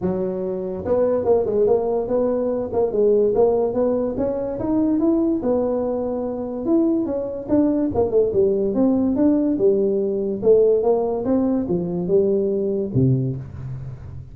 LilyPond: \new Staff \with { instrumentName = "tuba" } { \time 4/4 \tempo 4 = 144 fis2 b4 ais8 gis8 | ais4 b4. ais8 gis4 | ais4 b4 cis'4 dis'4 | e'4 b2. |
e'4 cis'4 d'4 ais8 a8 | g4 c'4 d'4 g4~ | g4 a4 ais4 c'4 | f4 g2 c4 | }